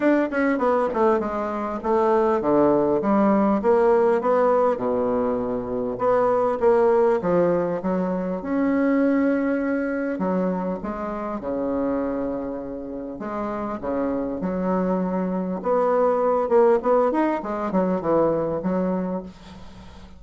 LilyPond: \new Staff \with { instrumentName = "bassoon" } { \time 4/4 \tempo 4 = 100 d'8 cis'8 b8 a8 gis4 a4 | d4 g4 ais4 b4 | b,2 b4 ais4 | f4 fis4 cis'2~ |
cis'4 fis4 gis4 cis4~ | cis2 gis4 cis4 | fis2 b4. ais8 | b8 dis'8 gis8 fis8 e4 fis4 | }